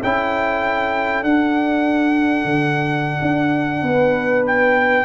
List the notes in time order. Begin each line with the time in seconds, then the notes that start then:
0.00 C#4 E4 A4 G5
1.22 D4 F#5
2.45 D3
3.21 D4
3.82 B3 B4
4.46 G5